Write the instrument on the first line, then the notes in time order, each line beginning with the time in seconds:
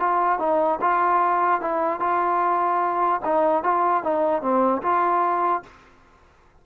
trombone
0.00 F4
0.40 D#4
0.81 F4
1.61 E4
2.00 F4
3.25 D#4
3.64 F4
4.04 D#4
4.42 C4
4.82 F4